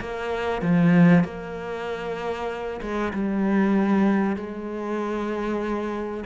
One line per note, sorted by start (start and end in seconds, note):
0.00 0.61 A#3
0.61 1.24 F3
1.24 2.80 A#3
2.81 3.12 G#3
3.13 4.36 G3
4.36 6.23 G#3